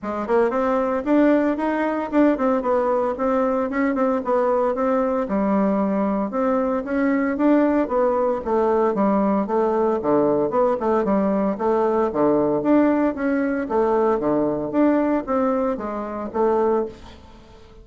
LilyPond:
\new Staff \with { instrumentName = "bassoon" } { \time 4/4 \tempo 4 = 114 gis8 ais8 c'4 d'4 dis'4 | d'8 c'8 b4 c'4 cis'8 c'8 | b4 c'4 g2 | c'4 cis'4 d'4 b4 |
a4 g4 a4 d4 | b8 a8 g4 a4 d4 | d'4 cis'4 a4 d4 | d'4 c'4 gis4 a4 | }